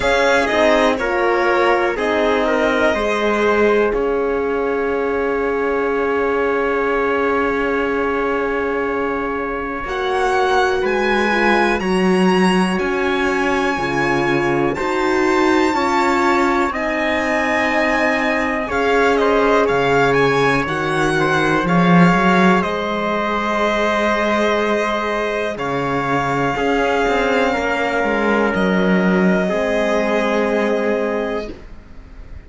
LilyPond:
<<
  \new Staff \with { instrumentName = "violin" } { \time 4/4 \tempo 4 = 61 f''8 dis''8 cis''4 dis''2 | f''1~ | f''2 fis''4 gis''4 | ais''4 gis''2 a''4~ |
a''4 gis''2 f''8 dis''8 | f''8 gis''8 fis''4 f''4 dis''4~ | dis''2 f''2~ | f''4 dis''2. | }
  \new Staff \with { instrumentName = "trumpet" } { \time 4/4 gis'4 ais'4 gis'8 ais'8 c''4 | cis''1~ | cis''2. b'4 | cis''2. c''4 |
cis''4 dis''2 cis''8 c''8 | cis''4. c''8 cis''4 c''4~ | c''2 cis''4 gis'4 | ais'2 gis'2 | }
  \new Staff \with { instrumentName = "horn" } { \time 4/4 cis'8 dis'8 f'4 dis'4 gis'4~ | gis'1~ | gis'2 fis'4. f'8 | fis'2 f'4 fis'4 |
f'4 dis'2 gis'4~ | gis'4 fis'4 gis'2~ | gis'2. cis'4~ | cis'2 c'2 | }
  \new Staff \with { instrumentName = "cello" } { \time 4/4 cis'8 c'8 ais4 c'4 gis4 | cis'1~ | cis'2 ais4 gis4 | fis4 cis'4 cis4 dis'4 |
cis'4 c'2 cis'4 | cis4 dis4 f8 fis8 gis4~ | gis2 cis4 cis'8 c'8 | ais8 gis8 fis4 gis2 | }
>>